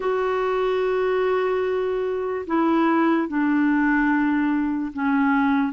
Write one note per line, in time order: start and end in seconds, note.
0.00 2.45 F#4
2.47 3.28 E4
3.28 4.92 D4
4.93 5.72 C#4